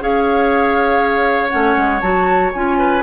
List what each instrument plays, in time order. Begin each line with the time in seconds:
0.00 bassoon C#4, clarinet G#4, oboe C#5, flute F5
1.50 bassoon A3, clarinet C#4, flute F#5
1.77 bassoon G#3
2.01 bassoon F#3, clarinet F#4, flute A5
2.54 bassoon C#4, clarinet F4, flute G#5
2.79 oboe B4